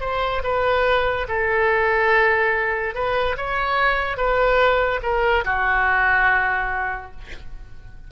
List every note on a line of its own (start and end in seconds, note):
0.00 0.42 C5
0.43 1.27 B4
1.28 2.94 A4
2.94 3.36 B4
3.37 4.17 C#5
4.17 5.00 B4
5.02 5.44 A#4
5.45 7.11 F#4